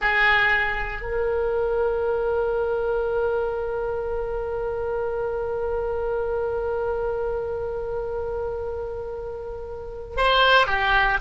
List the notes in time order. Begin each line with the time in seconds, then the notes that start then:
0.01 G#4
1.01 A#4
10.16 C5
10.66 G4